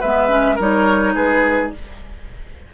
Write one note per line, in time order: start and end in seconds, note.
0.00 0.59 G#3
0.00 0.28 B3
0.00 0.55 B4
0.00 0.58 E5
0.28 0.56 C#4
0.55 1.15 G3
0.55 1.73 D#4
0.55 1.12 A#4
0.55 1.15 C#5
1.15 1.72 G#3
1.15 1.72 G#4
1.15 1.72 B4